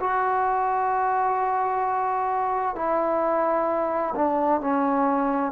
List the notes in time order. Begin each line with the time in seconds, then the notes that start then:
0.00 F#4
2.75 E4
4.15 D4
4.61 C#4